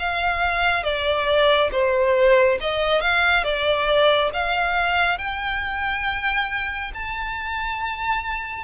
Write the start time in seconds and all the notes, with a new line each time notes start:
0.00 F5
0.84 D5
1.72 C5
2.61 D#5
3.02 F5
3.44 D5
4.34 F5
5.19 G5
6.94 A5